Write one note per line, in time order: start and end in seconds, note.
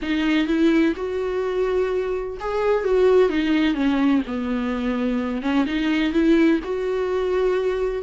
0.02 0.47 D#4
0.47 0.94 E4
0.96 2.37 F#4
2.40 2.84 G#4
2.84 3.29 F#4
3.29 3.74 D#4
3.74 4.21 C#4
4.26 5.42 B3
5.42 5.65 C#4
5.66 6.12 D#4
6.12 6.60 E4
6.64 8.02 F#4